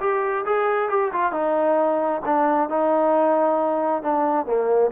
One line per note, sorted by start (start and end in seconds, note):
0.00 0.45 G4
0.46 0.89 G#4
0.89 1.12 G4
1.12 1.32 F4
1.32 2.21 D#4
2.25 2.69 D4
2.69 4.02 D#4
4.02 4.46 D4
4.46 4.91 A#3